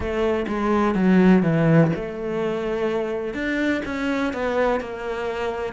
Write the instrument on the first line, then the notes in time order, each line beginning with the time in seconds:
cello
0.00 A3
0.47 G#3
0.94 F#3
1.43 E3
1.95 A3
3.34 D4
3.85 C#4
4.33 B3
4.80 A#3